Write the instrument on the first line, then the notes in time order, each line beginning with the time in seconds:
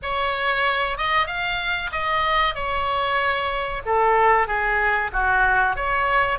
oboe
0.02 C#5
0.97 D#5
1.26 F5
1.91 D#5
2.54 C#5
3.85 A4
4.47 G#4
5.12 F#4
5.76 C#5